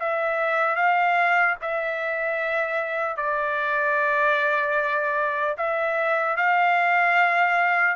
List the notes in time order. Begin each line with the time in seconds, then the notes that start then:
0.00 E5
0.76 F5
1.62 E5
3.17 D5
5.58 E5
6.37 F5